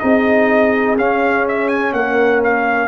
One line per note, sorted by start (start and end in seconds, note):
0.00 0.97 C4
0.00 0.98 D#4
0.00 1.95 G#4
0.00 0.97 D#5
0.97 1.93 C#4
0.97 2.88 C#4
0.97 1.47 F5
1.49 1.69 E5
1.69 1.93 G#5
1.93 2.88 A#3
1.93 2.88 A#4
1.93 2.42 F#5
2.44 2.88 F5